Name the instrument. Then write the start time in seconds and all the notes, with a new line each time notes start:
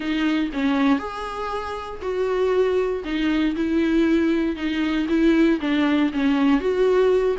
viola
0.00 D#4
0.53 C#4
0.98 G#4
2.01 F#4
3.04 D#4
3.55 E4
4.56 D#4
5.08 E4
5.60 D4
6.13 C#4
6.60 F#4